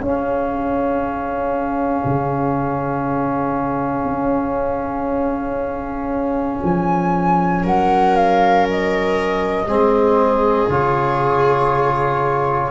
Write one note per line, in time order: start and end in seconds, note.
0.00 2.03 C#4
0.00 9.68 C#4
0.00 7.63 G#4
0.00 6.62 F5
2.05 4.05 C#3
4.05 6.59 C#4
6.63 7.65 F3
6.63 7.65 G#5
7.63 9.66 F#3
7.63 9.67 A#4
7.63 8.16 F#5
8.16 8.67 F5
8.70 10.71 D#5
9.66 10.68 G#3
9.66 10.69 C4
9.66 12.71 G#4
10.69 12.71 C#3
10.69 12.71 F4
10.69 12.71 C#5